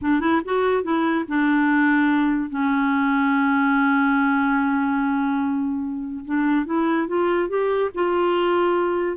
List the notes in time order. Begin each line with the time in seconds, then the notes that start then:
0.01 D4
0.20 E4
0.45 F#4
0.83 E4
1.27 D4
2.49 C#4
6.25 D4
6.65 E4
7.07 F4
7.48 G4
7.94 F4